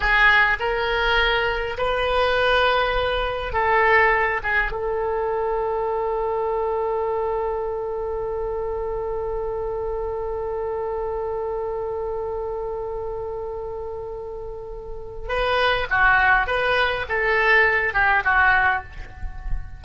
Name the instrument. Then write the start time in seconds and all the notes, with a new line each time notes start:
oboe
0.00 G#4
0.59 A#4
1.77 B4
3.52 A4
4.43 G#4
4.71 A4
15.28 B4
15.90 F#4
16.46 B4
17.08 A4
17.93 G4
18.24 F#4